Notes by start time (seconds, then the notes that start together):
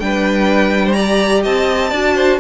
0.00 G3 D4 B4 G5
0.86 C5
0.93 G4 D5 A#5
1.43 C4 D#5 A5
1.90 D4 F#4 D5
2.16 C5